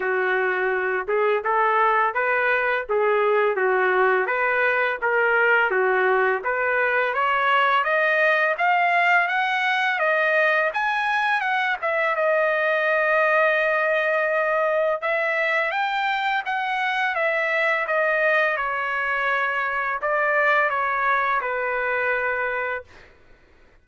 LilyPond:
\new Staff \with { instrumentName = "trumpet" } { \time 4/4 \tempo 4 = 84 fis'4. gis'8 a'4 b'4 | gis'4 fis'4 b'4 ais'4 | fis'4 b'4 cis''4 dis''4 | f''4 fis''4 dis''4 gis''4 |
fis''8 e''8 dis''2.~ | dis''4 e''4 g''4 fis''4 | e''4 dis''4 cis''2 | d''4 cis''4 b'2 | }